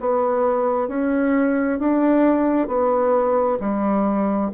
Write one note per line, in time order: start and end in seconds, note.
0.00 0.88 B3
0.88 1.79 C#4
1.79 2.68 D4
2.68 3.59 B3
3.60 4.51 G3